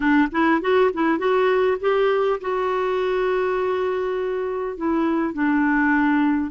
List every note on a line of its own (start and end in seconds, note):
0.00 0.28 D4
0.31 0.61 E4
0.61 0.91 F#4
0.93 1.18 E4
1.18 1.77 F#4
1.80 2.40 G4
2.41 4.77 F#4
4.77 5.33 E4
5.33 6.50 D4